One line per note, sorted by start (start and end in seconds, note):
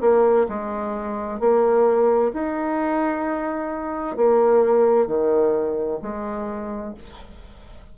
0.00 0.46 A#3
0.48 1.39 G#3
1.39 2.32 A#3
2.33 4.16 D#4
4.16 5.07 A#3
5.07 5.99 D#3
6.02 6.94 G#3